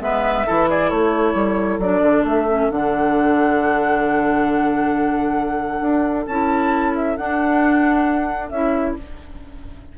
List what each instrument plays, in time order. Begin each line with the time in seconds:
0.00 bassoon G#3, clarinet B3, oboe B4, flute E5
0.46 bassoon E3, clarinet E4, oboe A4
0.69 oboe G#4, flute D5
0.90 bassoon A3, oboe A4, flute C#5
1.34 bassoon G3
1.78 bassoon F#3, clarinet D4, flute D5
2.02 bassoon D3
2.24 bassoon A3, flute E5
2.48 clarinet C#4
2.70 bassoon D3, clarinet D4, flute F#5
5.81 bassoon D4
6.26 bassoon C#4, clarinet E4, flute A5
6.95 flute E5
7.17 clarinet D4, bassoon D4, flute F#5
8.49 bassoon C#4, clarinet E4, flute E5